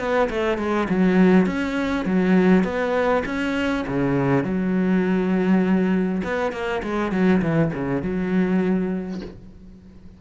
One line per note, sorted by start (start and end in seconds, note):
0.00 0.30 B3
0.30 0.58 A3
0.58 0.88 G#3
0.90 1.47 F#3
1.47 2.06 C#4
2.06 2.64 F#3
2.64 3.24 B3
3.26 3.85 C#4
3.88 4.44 C#3
4.44 6.22 F#3
6.24 6.53 B3
6.53 6.82 A#3
6.83 7.12 G#3
7.12 7.42 F#3
7.42 7.72 E3
7.74 8.03 C#3
8.03 9.22 F#3